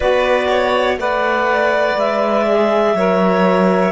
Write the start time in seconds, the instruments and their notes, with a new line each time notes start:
0.00 cello B3, saxophone F#4, violin B4, clarinet D5
0.49 violin C#5
0.97 cello A3, saxophone B4, violin D5, clarinet F#5
1.95 cello G#3, clarinet E5
2.47 saxophone G#4
2.93 cello F#3, saxophone A#4, violin C#5